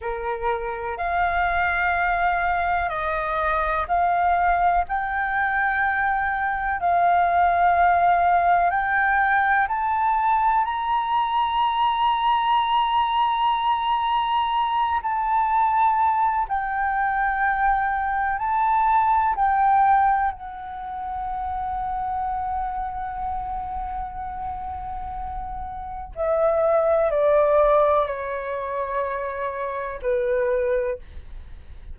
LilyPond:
\new Staff \with { instrumentName = "flute" } { \time 4/4 \tempo 4 = 62 ais'4 f''2 dis''4 | f''4 g''2 f''4~ | f''4 g''4 a''4 ais''4~ | ais''2.~ ais''8 a''8~ |
a''4 g''2 a''4 | g''4 fis''2.~ | fis''2. e''4 | d''4 cis''2 b'4 | }